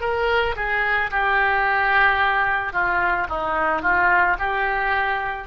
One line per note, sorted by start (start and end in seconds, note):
0.00 0.55 A#4
0.56 1.10 G#4
1.11 2.72 G4
2.72 3.27 F4
3.29 3.82 D#4
3.82 4.36 F4
4.38 5.47 G4